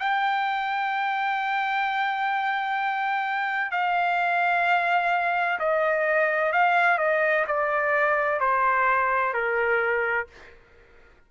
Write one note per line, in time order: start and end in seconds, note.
0.00 3.72 G5
3.72 5.59 F5
5.60 6.52 D#5
6.52 6.98 F5
6.98 7.45 D#5
7.47 8.40 D5
8.40 9.34 C5
9.34 10.27 A#4